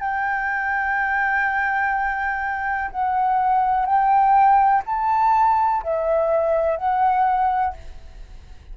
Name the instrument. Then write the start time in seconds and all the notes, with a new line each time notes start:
flute
0.00 G5
2.91 F#5
3.85 G5
4.86 A5
5.83 E5
6.77 F#5